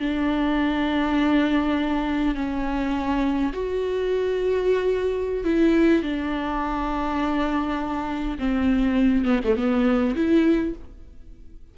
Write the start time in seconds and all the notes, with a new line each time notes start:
0.00 D4
2.35 C#4
3.53 F#4
5.44 E4
6.03 D4
8.39 C4
9.25 B3
9.45 A3
9.56 B3
10.16 E4